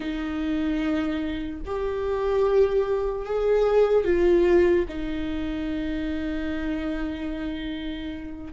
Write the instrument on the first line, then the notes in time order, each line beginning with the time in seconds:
viola
0.00 D#4
1.65 G4
3.25 G#4
4.04 F4
4.88 D#4